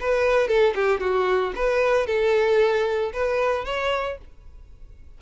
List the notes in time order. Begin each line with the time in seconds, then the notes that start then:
0.00 B4
0.48 A4
0.75 G4
1.00 F#4
1.55 B4
2.07 A4
3.13 B4
3.65 C#5